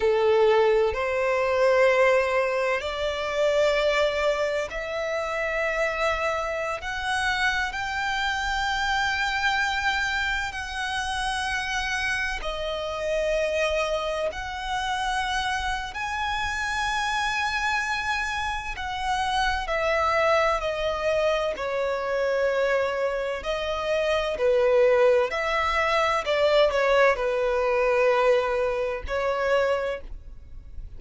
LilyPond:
\new Staff \with { instrumentName = "violin" } { \time 4/4 \tempo 4 = 64 a'4 c''2 d''4~ | d''4 e''2~ e''16 fis''8.~ | fis''16 g''2. fis''8.~ | fis''4~ fis''16 dis''2 fis''8.~ |
fis''4 gis''2. | fis''4 e''4 dis''4 cis''4~ | cis''4 dis''4 b'4 e''4 | d''8 cis''8 b'2 cis''4 | }